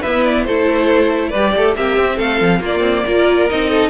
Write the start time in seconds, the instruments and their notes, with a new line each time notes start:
0.00 viola B3, cello E4, violin B4 E5
0.24 violin D5
0.44 cello A3, viola E4, violin A4 C5
1.29 cello G3, viola G4, violin B4 D5
1.56 cello A3, violin A4
1.76 cello A#3, viola C4, violin G4 E5
1.97 cello C4
2.17 cello A3, violin A4 F5
2.41 cello F3
2.59 cello A#3, viola A#3, violin F4
2.65 violin D5
2.80 cello C4
3.04 cello A#3, viola F4, violin A#4
3.49 cello C4, viola D#4, violin D#5
3.69 violin A4